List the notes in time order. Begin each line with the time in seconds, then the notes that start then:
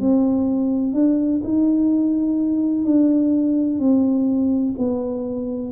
0.00 C4
0.94 D4
1.44 D#4
2.85 D4
3.79 C4
4.78 B3